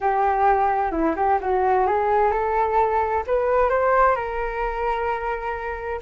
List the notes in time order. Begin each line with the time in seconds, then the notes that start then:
0.00 G4
0.91 E4
1.16 G4
1.40 F#4
1.86 G#4
2.31 A4
3.26 B4
3.69 C5
4.15 A#4